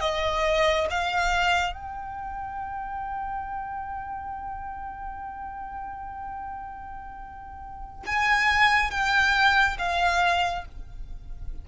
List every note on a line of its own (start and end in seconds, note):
0.00 0.87 D#5
0.90 1.73 F5
1.73 8.03 G5
8.06 8.90 G#5
8.90 9.77 G5
9.78 10.65 F5